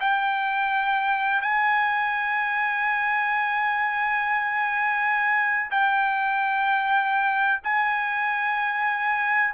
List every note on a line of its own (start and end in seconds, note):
0.00 1.42 G5
1.42 5.70 G#5
5.71 7.61 G5
7.64 9.54 G#5